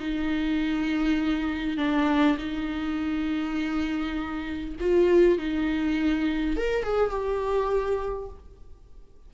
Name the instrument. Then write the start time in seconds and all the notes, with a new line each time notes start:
viola
0.00 D#4
1.78 D4
2.38 D#4
4.81 F4
5.39 D#4
6.57 A#4
6.84 G#4
7.11 G4